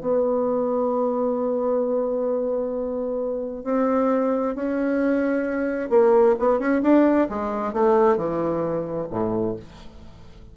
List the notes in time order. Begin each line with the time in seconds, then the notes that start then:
0.00 B3
3.64 C4
4.55 C#4
5.89 A#3
6.39 B3
6.59 C#4
6.82 D4
7.29 G#3
7.73 A3
8.16 E3
9.10 A2